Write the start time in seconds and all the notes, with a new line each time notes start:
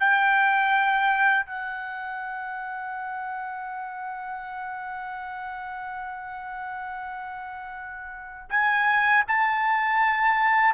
0.00 G5
1.46 F#5
8.50 G#5
9.28 A5